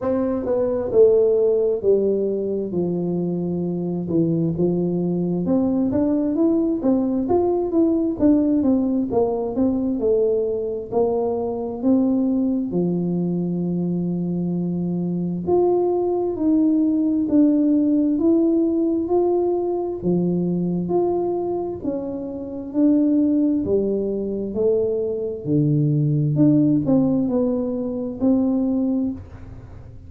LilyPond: \new Staff \with { instrumentName = "tuba" } { \time 4/4 \tempo 4 = 66 c'8 b8 a4 g4 f4~ | f8 e8 f4 c'8 d'8 e'8 c'8 | f'8 e'8 d'8 c'8 ais8 c'8 a4 | ais4 c'4 f2~ |
f4 f'4 dis'4 d'4 | e'4 f'4 f4 f'4 | cis'4 d'4 g4 a4 | d4 d'8 c'8 b4 c'4 | }